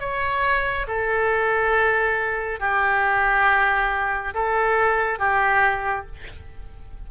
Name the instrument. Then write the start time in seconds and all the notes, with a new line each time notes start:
oboe
0.00 C#5
0.88 A4
2.60 G4
4.34 A4
5.19 G4